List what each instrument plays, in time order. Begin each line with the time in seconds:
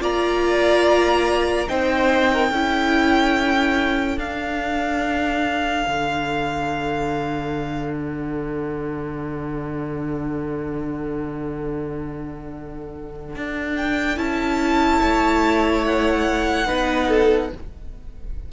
0.00 cello A#3, viola F4, violin D5 A#5
1.68 cello C4, viola D#4, violin C5 G5
2.32 violin A#4
2.51 cello C#4, viola E4, violin A4
4.17 cello D4, viola D4, violin F5
5.87 cello D3
7.94 violin F#5
13.36 cello D4
13.76 violin G5
14.16 cello C#4, viola E4, violin A5
15.00 cello A3, violin C#5
15.86 violin F#5
16.66 cello B3, viola D#4, violin B4
17.08 violin A4